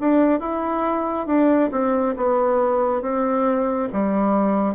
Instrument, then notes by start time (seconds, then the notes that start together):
bassoon
0.00 D4
0.40 E4
1.26 D4
1.71 C4
2.16 B3
3.02 C4
3.92 G3